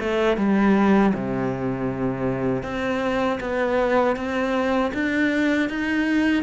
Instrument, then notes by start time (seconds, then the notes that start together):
cello
0.00 A3
0.37 G3
1.14 C3
2.63 C4
3.40 B3
4.16 C4
4.94 D4
5.69 D#4